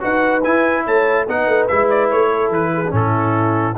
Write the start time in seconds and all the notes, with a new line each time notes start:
0.00 D#4 F#4 B4 F#5
0.44 E4 G#5
0.85 A3 C#5 A5
1.27 B3 D#4 B4 F#5
1.47 A3
1.67 G#3 E4 E5
1.90 D5
2.11 A3 C#5
2.30 A4
2.49 E3 B4
2.74 G#4
2.87 A2 C#4 D4
2.94 E4 A4